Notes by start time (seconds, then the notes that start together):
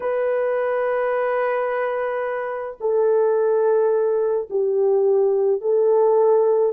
0.00 B4
2.80 A4
4.50 G4
5.61 A4